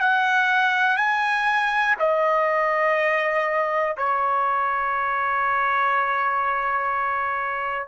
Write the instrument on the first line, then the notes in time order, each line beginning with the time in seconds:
trumpet
0.00 F#5
0.97 G#5
1.99 D#5
3.97 C#5